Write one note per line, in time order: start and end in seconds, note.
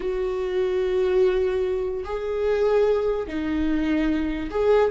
0.00 2.04 F#4
2.04 3.27 G#4
3.27 4.49 D#4
4.50 4.91 G#4